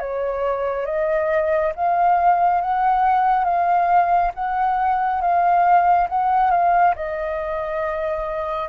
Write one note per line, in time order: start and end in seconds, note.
0.00 0.86 C#5
0.86 1.73 D#5
1.76 2.62 F5
2.62 3.45 F#5
3.45 4.32 F5
4.35 5.21 F#5
5.21 6.08 F5
6.10 6.51 F#5
6.51 6.95 F5
6.96 8.70 D#5